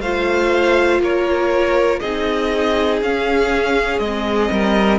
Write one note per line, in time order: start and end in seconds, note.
0.00 1.00 A3
0.00 2.03 F4
0.00 1.01 C5
0.00 1.00 F5
1.00 2.00 A#3
1.00 2.00 A#4
1.00 1.99 C#5
1.99 3.01 C4
1.99 3.03 D#4
1.99 4.50 G#4
1.99 2.99 D#5
3.01 3.99 C#4
3.01 4.03 C#4
3.01 3.99 F5
3.99 4.49 G#3
3.99 4.99 D#5
4.05 4.99 C4
4.51 4.99 G3
4.51 4.99 A#4